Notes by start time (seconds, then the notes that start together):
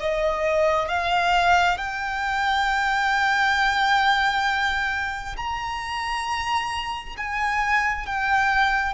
0.00 D#5
0.88 F5
1.77 G5
5.37 A#5
7.17 G#5
8.06 G5